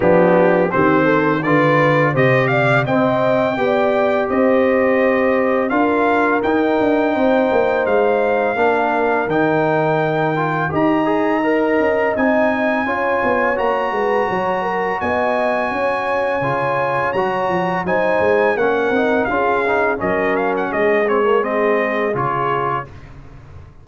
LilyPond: <<
  \new Staff \with { instrumentName = "trumpet" } { \time 4/4 \tempo 4 = 84 g'4 c''4 d''4 dis''8 f''8 | g''2 dis''2 | f''4 g''2 f''4~ | f''4 g''2 ais''4~ |
ais''4 gis''2 ais''4~ | ais''4 gis''2. | ais''4 gis''4 fis''4 f''4 | dis''8 f''16 fis''16 dis''8 cis''8 dis''4 cis''4 | }
  \new Staff \with { instrumentName = "horn" } { \time 4/4 d'4 g'8 a'8 b'4 c''8 d''8 | dis''4 d''4 c''2 | ais'2 c''2 | ais'2. dis''4~ |
dis''2 cis''4. b'8 | cis''8 ais'8 dis''4 cis''2~ | cis''4 c''4 ais'4 gis'4 | ais'4 gis'2. | }
  \new Staff \with { instrumentName = "trombone" } { \time 4/4 b4 c'4 f'4 g'4 | c'4 g'2. | f'4 dis'2. | d'4 dis'4. f'8 g'8 gis'8 |
ais'4 dis'4 f'4 fis'4~ | fis'2. f'4 | fis'4 dis'4 cis'8 dis'8 f'8 dis'8 | cis'4. c'16 ais16 c'4 f'4 | }
  \new Staff \with { instrumentName = "tuba" } { \time 4/4 f4 dis4 d4 c4 | c'4 b4 c'2 | d'4 dis'8 d'8 c'8 ais8 gis4 | ais4 dis2 dis'4~ |
dis'8 cis'8 c'4 cis'8 b8 ais8 gis8 | fis4 b4 cis'4 cis4 | fis8 f8 fis8 gis8 ais8 c'8 cis'4 | fis4 gis2 cis4 | }
>>